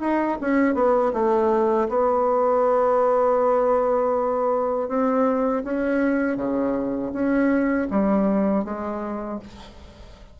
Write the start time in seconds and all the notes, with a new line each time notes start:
0.00 D#4
0.41 C#4
0.74 B3
1.13 A3
1.89 B3
4.88 C4
5.64 C#4
6.36 C#3
7.12 C#4
7.90 G3
8.64 G#3